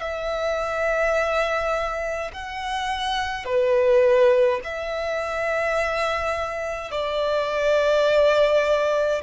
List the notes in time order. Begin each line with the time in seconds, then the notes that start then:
0.00 E5
2.33 F#5
3.45 B4
4.64 E5
6.91 D5